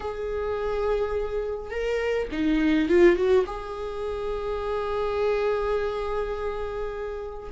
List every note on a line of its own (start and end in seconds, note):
0.00 1.70 G#4
1.70 2.28 A#4
2.31 2.88 D#4
2.88 3.16 F4
3.16 3.45 F#4
3.46 7.50 G#4